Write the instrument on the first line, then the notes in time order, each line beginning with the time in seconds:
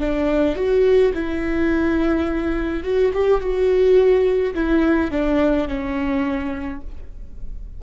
viola
0.00 D4
0.56 F#4
1.14 E4
2.83 F#4
3.13 G4
3.40 F#4
4.54 E4
5.11 D4
5.68 C#4